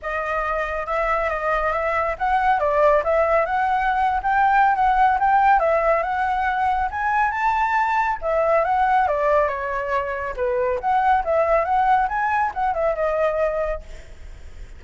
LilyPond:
\new Staff \with { instrumentName = "flute" } { \time 4/4 \tempo 4 = 139 dis''2 e''4 dis''4 | e''4 fis''4 d''4 e''4 | fis''4.~ fis''16 g''4~ g''16 fis''4 | g''4 e''4 fis''2 |
gis''4 a''2 e''4 | fis''4 d''4 cis''2 | b'4 fis''4 e''4 fis''4 | gis''4 fis''8 e''8 dis''2 | }